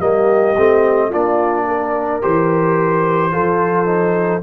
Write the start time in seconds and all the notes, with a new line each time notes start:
0.00 G3 A#3 G4 D#5
0.57 A3 C4
1.10 A#3 D4 F4 D5
1.68 A#4
2.22 E3 G4 C5
3.32 F3 F4 A4
3.86 D#4